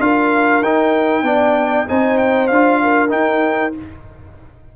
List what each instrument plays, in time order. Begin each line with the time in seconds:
0.00 tuba D4, trombone F4, horn A#4, trumpet F5
0.62 tuba D#4, trombone D#4, trumpet G5
1.23 tuba B3, trombone D4, horn D5
1.87 tuba C4, trombone D#4, horn C5, trumpet G#5
2.18 trumpet G5
2.48 tuba D4, trumpet F5
2.54 trombone F4
2.82 horn A#4
3.09 trombone D#4, tuba D#4, trumpet G5